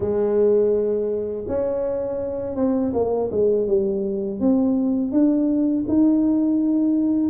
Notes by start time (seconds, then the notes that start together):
0.00 G#3
1.47 C#4
2.55 C4
2.93 A#3
3.31 G#3
3.67 G3
4.40 C4
5.11 D4
5.87 D#4